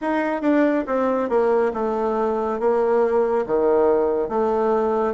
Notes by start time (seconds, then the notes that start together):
0.01 D#4
0.41 D4
0.86 C4
1.29 A#3
1.73 A3
2.59 A#3
3.46 D#3
4.29 A3